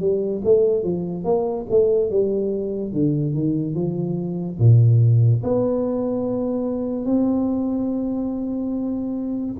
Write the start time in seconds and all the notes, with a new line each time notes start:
0.00 G3
0.44 A3
0.83 F3
1.25 A#3
1.70 A3
2.10 G3
2.93 D3
3.34 D#3
3.75 F3
4.59 A#2
5.44 B3
7.06 C4